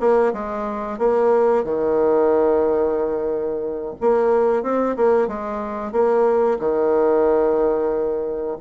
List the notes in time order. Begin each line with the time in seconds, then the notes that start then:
0.00 A#3
0.33 G#3
0.98 A#3
1.64 D#3
4.01 A#3
4.63 C4
4.97 A#3
5.28 G#3
5.92 A#3
6.59 D#3